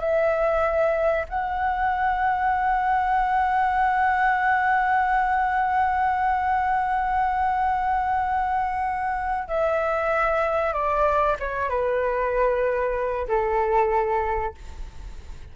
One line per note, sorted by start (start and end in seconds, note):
0.00 1.26 E5
1.29 9.49 F#5
9.49 10.74 E5
10.74 11.37 D5
11.40 11.70 C#5
11.70 13.27 B4
13.28 14.55 A4